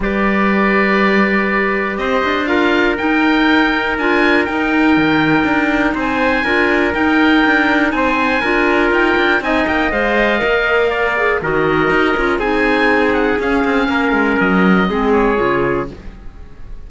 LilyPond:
<<
  \new Staff \with { instrumentName = "oboe" } { \time 4/4 \tempo 4 = 121 d''1 | dis''4 f''4 g''2 | gis''4 g''2. | gis''2 g''2 |
gis''2 g''4 gis''8 g''8 | f''2. dis''4~ | dis''4 gis''4. fis''8 f''4~ | f''4 dis''4. cis''4. | }
  \new Staff \with { instrumentName = "trumpet" } { \time 4/4 b'1 | c''4 ais'2.~ | ais'1 | c''4 ais'2. |
c''4 ais'2 dis''4~ | dis''2 d''4 ais'4~ | ais'4 gis'2. | ais'2 gis'2 | }
  \new Staff \with { instrumentName = "clarinet" } { \time 4/4 g'1~ | g'4 f'4 dis'2 | f'4 dis'2.~ | dis'4 f'4 dis'2~ |
dis'4 f'2 dis'4 | c''4 ais'4. gis'8 fis'4~ | fis'8 f'8 dis'2 cis'4~ | cis'2 c'4 f'4 | }
  \new Staff \with { instrumentName = "cello" } { \time 4/4 g1 | c'8 d'4. dis'2 | d'4 dis'4 dis4 d'4 | c'4 d'4 dis'4 d'4 |
c'4 d'4 dis'8 d'8 c'8 ais8 | gis4 ais2 dis4 | dis'8 cis'8 c'2 cis'8 c'8 | ais8 gis8 fis4 gis4 cis4 | }
>>